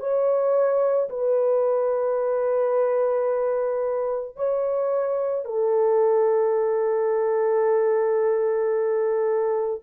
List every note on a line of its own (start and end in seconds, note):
0.00 1.09 C#5
1.09 4.36 B4
4.36 5.45 C#5
5.45 9.81 A4